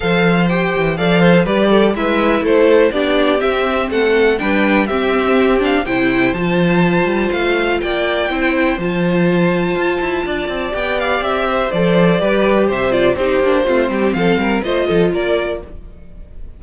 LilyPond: <<
  \new Staff \with { instrumentName = "violin" } { \time 4/4 \tempo 4 = 123 f''4 g''4 f''4 d''4 | e''4 c''4 d''4 e''4 | fis''4 g''4 e''4. f''8 | g''4 a''2 f''4 |
g''2 a''2~ | a''2 g''8 f''8 e''4 | d''2 e''8 d''8 c''4~ | c''4 f''4 dis''4 d''4 | }
  \new Staff \with { instrumentName = "violin" } { \time 4/4 c''2 d''8 c''8 b'8 a'8 | b'4 a'4 g'2 | a'4 b'4 g'2 | c''1 |
d''4 c''2.~ | c''4 d''2~ d''8 c''8~ | c''4 b'4 c''4 g'4 | f'8 g'8 a'8 ais'8 c''8 a'8 ais'4 | }
  \new Staff \with { instrumentName = "viola" } { \time 4/4 a'4 g'4 a'4 g'4 | e'2 d'4 c'4~ | c'4 d'4 c'4. d'8 | e'4 f'2.~ |
f'4 e'4 f'2~ | f'2 g'2 | a'4 g'4. f'8 dis'8 d'8 | c'2 f'2 | }
  \new Staff \with { instrumentName = "cello" } { \time 4/4 f4. e8 f4 g4 | gis4 a4 b4 c'4 | a4 g4 c'2 | c4 f4. g8 a4 |
ais4 c'4 f2 | f'8 e'8 d'8 c'8 b4 c'4 | f4 g4 c4 c'8 ais8 | a8 g8 f8 g8 a8 f8 ais4 | }
>>